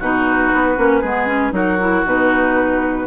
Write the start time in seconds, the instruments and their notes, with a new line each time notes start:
0.00 bassoon B2, clarinet D#4, oboe F#4, flute B4
0.54 bassoon B3
0.77 bassoon A#3, clarinet C#4
1.01 bassoon G#3, clarinet B3, oboe G#4
1.27 clarinet C#4
1.52 bassoon F#3, clarinet D#4, oboe F#4, flute A#4
1.80 clarinet E4
2.05 bassoon B2, clarinet D#4, flute B4